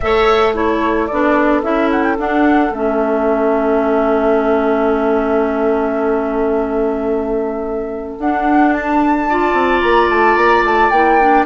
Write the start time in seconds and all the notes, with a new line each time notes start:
0.00 A3 A4 C#5 E5
0.54 E4 A4 C#5
1.06 B3 D4 D5
1.62 C#4 E4 E5
1.90 F#5
2.03 G5
2.17 D4 F#5
2.70 A3 C#4 E5
8.19 D4 F#5
8.73 A5
9.29 F4 D5
9.53 C4
9.81 A#3 A#5
10.08 A3 A5
10.36 A#3 A#5
10.62 A3 A5
10.90 A#3 E4 G5
11.20 D4